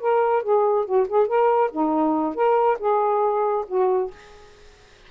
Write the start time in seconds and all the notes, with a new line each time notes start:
0.00 A#4
0.43 G#4
0.86 F#4
1.09 G#4
1.27 A#4
1.71 D#4
2.35 A#4
2.79 G#4
3.68 F#4